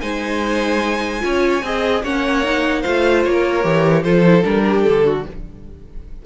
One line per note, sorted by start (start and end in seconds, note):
0.00 1.23 G#3
0.00 1.20 D#4
0.00 1.22 C5
0.00 2.01 G#5
1.20 1.62 C#4
1.20 1.60 F4
1.20 1.64 C#5
1.62 2.02 C4
1.62 2.05 G#4
1.62 2.03 D#5
2.03 2.84 A#3
2.03 2.43 C#4
2.03 2.81 C#5
2.03 2.82 F#5
2.43 2.84 D#4
2.81 3.26 A3
2.81 3.63 F4
2.81 3.31 C5
2.81 3.22 F5
3.25 3.64 A#3
3.25 4.03 C#5
3.32 4.03 A#4
3.63 4.04 E3
3.63 4.03 G4
4.03 4.44 F3
4.03 4.25 F4
4.03 4.64 A4
4.03 4.43 C5
4.26 4.42 E4
4.42 4.85 G3
4.42 5.23 D4
4.42 4.82 A#4
4.65 5.05 G4
4.82 5.25 D3
4.82 5.22 A4
5.05 5.25 F#4